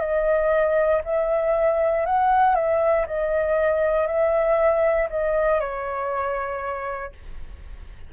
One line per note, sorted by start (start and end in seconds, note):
0.00 1.02 D#5
1.04 2.05 E5
2.05 2.55 F#5
2.55 3.06 E5
3.06 4.07 D#5
4.07 5.08 E5
5.09 5.60 D#5
5.60 7.12 C#5